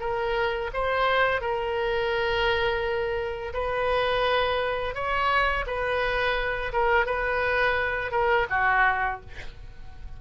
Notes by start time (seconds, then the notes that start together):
0.00 A#4
0.73 C5
1.41 A#4
3.54 B4
4.95 C#5
5.67 B4
6.73 A#4
7.06 B4
8.11 A#4
8.50 F#4